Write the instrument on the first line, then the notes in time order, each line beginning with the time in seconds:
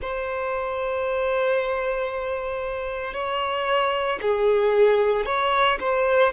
violin
0.01 C5
3.13 C#5
4.21 G#4
5.25 C#5
5.79 C5